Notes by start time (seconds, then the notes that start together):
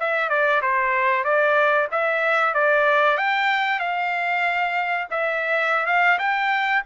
0.00 E5
0.30 D5
0.62 C5
1.24 D5
1.91 E5
2.54 D5
3.17 G5
3.79 F5
5.11 E5
5.86 F5
6.19 G5